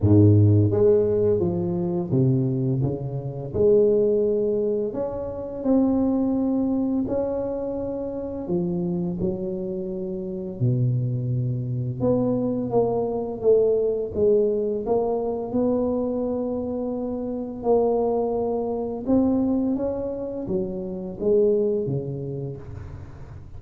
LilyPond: \new Staff \with { instrumentName = "tuba" } { \time 4/4 \tempo 4 = 85 gis,4 gis4 f4 c4 | cis4 gis2 cis'4 | c'2 cis'2 | f4 fis2 b,4~ |
b,4 b4 ais4 a4 | gis4 ais4 b2~ | b4 ais2 c'4 | cis'4 fis4 gis4 cis4 | }